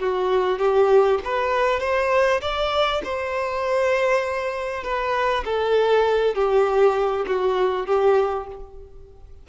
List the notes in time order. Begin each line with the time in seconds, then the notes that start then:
0.00 F#4
0.59 G4
1.25 B4
1.80 C5
2.42 D5
3.04 C5
4.84 B4
5.45 A4
6.35 G4
7.27 F#4
7.87 G4